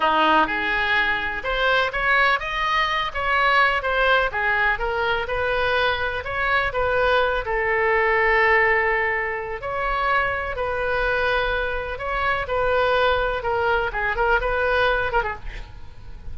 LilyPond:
\new Staff \with { instrumentName = "oboe" } { \time 4/4 \tempo 4 = 125 dis'4 gis'2 c''4 | cis''4 dis''4. cis''4. | c''4 gis'4 ais'4 b'4~ | b'4 cis''4 b'4. a'8~ |
a'1 | cis''2 b'2~ | b'4 cis''4 b'2 | ais'4 gis'8 ais'8 b'4. ais'16 gis'16 | }